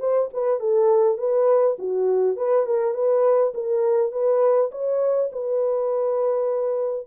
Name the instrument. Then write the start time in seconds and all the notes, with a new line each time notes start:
horn
0.00 C5
0.33 B4
0.60 A4
1.18 B4
1.79 F#4
2.37 B4
2.66 A#4
2.94 B4
3.55 A#4
4.12 B4
4.72 C#5
5.32 B4